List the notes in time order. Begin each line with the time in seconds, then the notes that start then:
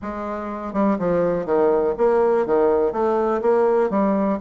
0.02 G#3
0.73 G3
0.98 F3
1.45 D#3
1.97 A#3
2.45 D#3
2.92 A3
3.41 A#3
3.90 G3